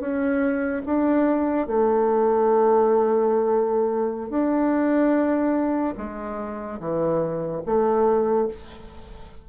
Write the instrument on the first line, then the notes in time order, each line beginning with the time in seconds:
bassoon
0.00 C#4
0.86 D4
1.67 A3
4.30 D4
5.97 G#3
6.80 E3
7.66 A3